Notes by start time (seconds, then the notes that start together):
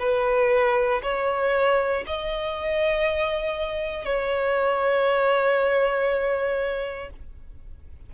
0.00 B4
1.03 C#5
2.07 D#5
4.05 C#5